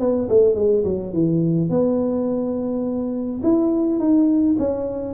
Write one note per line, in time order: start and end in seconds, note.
0.00 0.29 B3
0.29 0.55 A3
0.55 0.84 G#3
0.85 1.13 F#3
1.14 1.70 E3
1.70 3.42 B3
3.43 3.99 E4
3.99 4.56 D#4
4.59 5.14 C#4